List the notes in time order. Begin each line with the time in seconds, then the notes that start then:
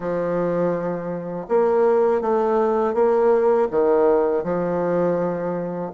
0.00 F3
1.48 A#3
2.21 A3
2.94 A#3
3.70 D#3
4.43 F3